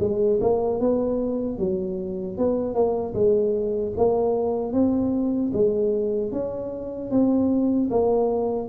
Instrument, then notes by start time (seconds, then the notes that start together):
tuba
0.00 G#3
0.41 A#3
0.80 B3
1.58 F#3
2.38 B3
2.74 A#3
3.14 G#3
3.97 A#3
4.73 C4
5.53 G#3
6.32 C#4
7.11 C4
7.90 A#3